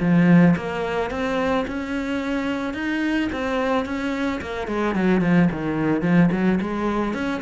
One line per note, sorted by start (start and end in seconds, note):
0.00 0.55 F3
0.56 1.10 A#3
1.10 1.65 C4
1.67 2.74 C#4
2.74 3.29 D#4
3.32 3.85 C4
3.85 4.40 C#4
4.41 4.67 A#3
4.67 4.95 G#3
4.95 5.21 F#3
5.21 5.48 F3
5.51 6.02 D#3
6.02 6.29 F3
6.32 6.59 F#3
6.61 7.14 G#3
7.14 7.41 C#4